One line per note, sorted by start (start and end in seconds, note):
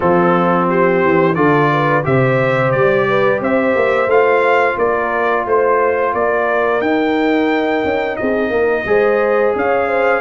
0.00 1.03 F3
0.00 1.34 C4
0.00 0.66 F4
0.00 0.68 A4
0.69 1.36 G4
0.69 1.35 C5
1.03 1.36 E3
1.35 2.04 D3
1.35 2.03 F4
1.35 1.70 A4
1.35 2.03 D5
1.73 2.07 B4
2.03 2.74 C3
2.03 4.07 G4
2.03 3.08 C5
2.03 2.71 E5
2.71 3.40 G3
2.71 3.39 D5
3.08 3.42 B4
3.40 3.74 C4
3.40 4.77 C5
3.40 4.10 E5
3.75 4.07 A#3
4.07 4.75 A3
4.07 6.82 F4
4.07 4.78 F5
4.77 5.45 A#3
4.77 5.45 A#4
4.77 5.46 D5
5.45 6.13 A3
5.45 6.14 C5
6.13 6.81 A#3
6.13 8.19 A#4
6.13 6.81 D5
6.81 7.83 D#4
6.81 8.86 D#4
6.81 8.16 G5
7.84 8.18 C#4
8.16 8.50 C4
8.16 8.49 G#4
8.16 9.52 D#5
8.49 8.84 A#3
8.49 8.83 A#4
8.85 9.53 G#3
8.85 10.20 G#4
8.85 9.57 C5
9.55 10.20 C#4
9.55 9.88 C#5
9.55 10.20 F5
9.88 10.20 C5